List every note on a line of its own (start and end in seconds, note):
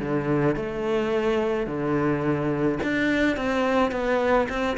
0.00 0.56 D3
0.56 1.67 A3
1.67 2.79 D3
2.83 3.37 D4
3.37 3.92 C4
3.92 4.48 B3
4.49 4.77 C4